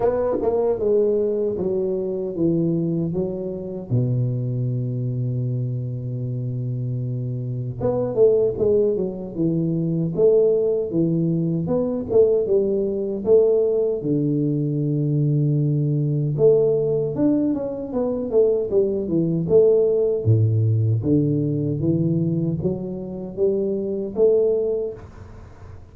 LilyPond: \new Staff \with { instrumentName = "tuba" } { \time 4/4 \tempo 4 = 77 b8 ais8 gis4 fis4 e4 | fis4 b,2.~ | b,2 b8 a8 gis8 fis8 | e4 a4 e4 b8 a8 |
g4 a4 d2~ | d4 a4 d'8 cis'8 b8 a8 | g8 e8 a4 a,4 d4 | e4 fis4 g4 a4 | }